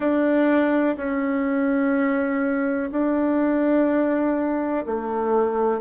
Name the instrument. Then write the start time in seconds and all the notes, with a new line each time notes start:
bassoon
0.00 D4
0.97 C#4
2.91 D4
4.86 A3